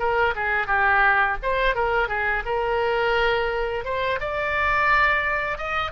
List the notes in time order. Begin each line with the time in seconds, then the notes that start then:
0.00 A#4
0.36 G#4
0.68 G4
1.43 C5
1.75 A#4
2.09 G#4
2.46 A#4
3.85 C5
4.21 D5
5.58 D#5